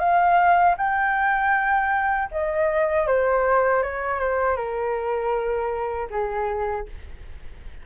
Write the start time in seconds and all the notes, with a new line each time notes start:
0.00 F5
0.78 G5
2.32 D#5
3.08 C5
3.83 C#5
4.20 C5
4.57 A#4
6.11 G#4